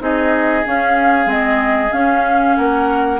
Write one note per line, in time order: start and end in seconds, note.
0.00 0.64 C4
0.00 0.64 D#4
0.00 2.57 G#4
0.00 0.66 D#5
0.64 1.25 C#4
0.64 1.26 C#4
0.64 1.30 F5
1.25 1.90 G#3
1.25 1.89 C4
1.25 1.93 D#5
1.92 3.20 C#4
1.92 2.57 C#4
1.92 2.56 F5
2.56 3.20 A#3
2.56 3.20 A#4
2.56 3.20 F#5